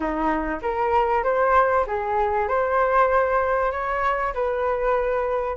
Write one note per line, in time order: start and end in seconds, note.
0.00 0.59 D#4
0.62 1.23 A#4
1.23 1.85 C5
1.86 2.47 G#4
2.47 3.71 C5
3.71 4.33 C#5
4.34 5.56 B4